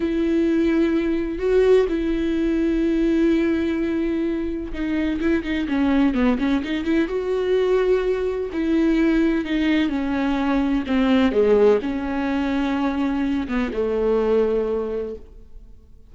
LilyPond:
\new Staff \with { instrumentName = "viola" } { \time 4/4 \tempo 4 = 127 e'2. fis'4 | e'1~ | e'2 dis'4 e'8 dis'8 | cis'4 b8 cis'8 dis'8 e'8 fis'4~ |
fis'2 e'2 | dis'4 cis'2 c'4 | gis4 cis'2.~ | cis'8 b8 a2. | }